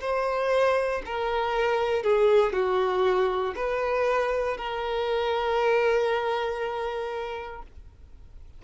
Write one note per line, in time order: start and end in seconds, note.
0.00 1.02 C5
1.05 2.03 A#4
2.03 2.52 G#4
2.52 3.54 F#4
3.55 4.57 B4
4.57 7.62 A#4